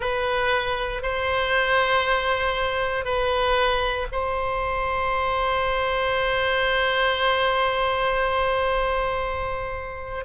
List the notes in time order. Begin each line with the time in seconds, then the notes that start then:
0.00 B4
1.02 C5
3.04 B4
4.12 C5